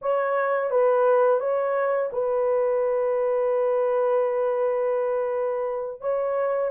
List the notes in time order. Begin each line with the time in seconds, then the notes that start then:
0.01 C#5
0.70 B4
1.39 C#5
2.12 B4
6.01 C#5